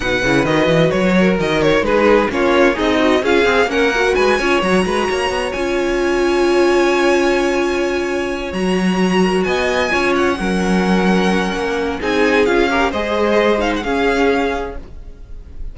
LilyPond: <<
  \new Staff \with { instrumentName = "violin" } { \time 4/4 \tempo 4 = 130 fis''4 dis''4 cis''4 dis''8 cis''8 | b'4 cis''4 dis''4 f''4 | fis''4 gis''4 ais''2 | gis''1~ |
gis''2~ gis''8 ais''4.~ | ais''8 gis''4. fis''2~ | fis''2 gis''4 f''4 | dis''4. f''16 fis''16 f''2 | }
  \new Staff \with { instrumentName = "violin" } { \time 4/4 b'2~ b'8 ais'4. | gis'4 f'4 dis'4 gis'4 | ais'4 b'8 cis''4 b'8 cis''4~ | cis''1~ |
cis''1 | ais'8 dis''4 cis''4 ais'4.~ | ais'2 gis'4. ais'8 | c''2 gis'2 | }
  \new Staff \with { instrumentName = "viola" } { \time 4/4 dis'8 e'8 fis'2. | dis'4 cis'4 gis'8 fis'8 f'8 gis'8 | cis'8 fis'4 f'8 fis'2 | f'1~ |
f'2~ f'8 fis'4.~ | fis'4. f'4 cis'4.~ | cis'2 dis'4 f'8 g'8 | gis'4. dis'8 cis'2 | }
  \new Staff \with { instrumentName = "cello" } { \time 4/4 b,8 cis8 dis8 e8 fis4 dis4 | gis4 ais4 c'4 cis'8 c'8 | ais4 gis8 cis'8 fis8 gis8 ais8 b8 | cis'1~ |
cis'2~ cis'8 fis4.~ | fis8 b4 cis'4 fis4.~ | fis4 ais4 c'4 cis'4 | gis2 cis'2 | }
>>